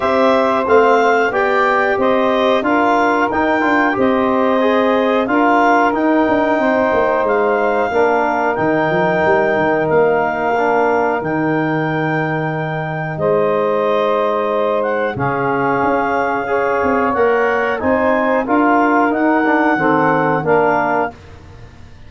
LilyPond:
<<
  \new Staff \with { instrumentName = "clarinet" } { \time 4/4 \tempo 4 = 91 e''4 f''4 g''4 dis''4 | f''4 g''4 dis''2 | f''4 g''2 f''4~ | f''4 g''2 f''4~ |
f''4 g''2. | dis''2~ dis''8 fis''8 f''4~ | f''2 fis''4 gis''4 | f''4 fis''2 f''4 | }
  \new Staff \with { instrumentName = "saxophone" } { \time 4/4 c''2 d''4 c''4 | ais'2 c''2 | ais'2 c''2 | ais'1~ |
ais'1 | c''2. gis'4~ | gis'4 cis''2 c''4 | ais'2 a'4 ais'4 | }
  \new Staff \with { instrumentName = "trombone" } { \time 4/4 g'4 c'4 g'2 | f'4 dis'8 f'8 g'4 gis'4 | f'4 dis'2. | d'4 dis'2. |
d'4 dis'2.~ | dis'2. cis'4~ | cis'4 gis'4 ais'4 dis'4 | f'4 dis'8 d'8 c'4 d'4 | }
  \new Staff \with { instrumentName = "tuba" } { \time 4/4 c'4 a4 b4 c'4 | d'4 dis'8 d'8 c'2 | d'4 dis'8 d'8 c'8 ais8 gis4 | ais4 dis8 f8 g8 dis8 ais4~ |
ais4 dis2. | gis2. cis4 | cis'4. c'8 ais4 c'4 | d'4 dis'4 dis4 ais4 | }
>>